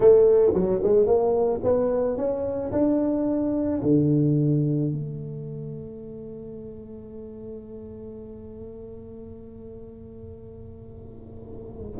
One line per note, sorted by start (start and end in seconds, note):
0.00 0.53 A3
0.54 0.81 F#3
0.83 1.06 G#3
1.06 1.61 A#3
1.63 2.17 B3
2.17 2.71 C#4
2.71 3.81 D4
3.82 4.91 D3
4.91 12.00 A3